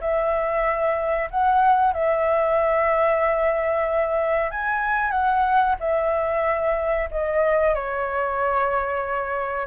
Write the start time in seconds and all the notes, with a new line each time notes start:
0.00 E5
1.30 F#5
1.93 E5
4.50 G#5
5.11 F#5
5.79 E5
7.11 D#5
7.74 C#5